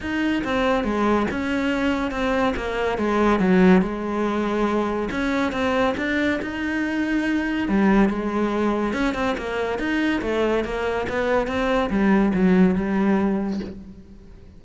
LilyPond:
\new Staff \with { instrumentName = "cello" } { \time 4/4 \tempo 4 = 141 dis'4 c'4 gis4 cis'4~ | cis'4 c'4 ais4 gis4 | fis4 gis2. | cis'4 c'4 d'4 dis'4~ |
dis'2 g4 gis4~ | gis4 cis'8 c'8 ais4 dis'4 | a4 ais4 b4 c'4 | g4 fis4 g2 | }